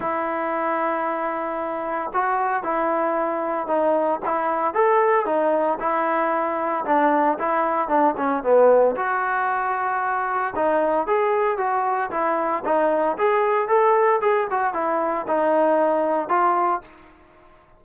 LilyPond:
\new Staff \with { instrumentName = "trombone" } { \time 4/4 \tempo 4 = 114 e'1 | fis'4 e'2 dis'4 | e'4 a'4 dis'4 e'4~ | e'4 d'4 e'4 d'8 cis'8 |
b4 fis'2. | dis'4 gis'4 fis'4 e'4 | dis'4 gis'4 a'4 gis'8 fis'8 | e'4 dis'2 f'4 | }